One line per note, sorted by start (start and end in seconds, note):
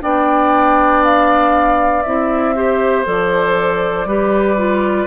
0.00 2.05 B3
0.00 2.03 D4
0.00 2.56 D5
0.00 1.04 G5
1.04 2.03 F5
2.03 3.06 C4
2.03 2.55 E4
2.03 3.04 E5
2.55 3.05 G4
2.55 4.08 C5
3.05 4.05 F3
3.05 4.06 A4
3.05 5.07 D5
4.05 5.07 G3
4.05 4.57 G4
4.05 5.07 B4
4.57 5.07 F4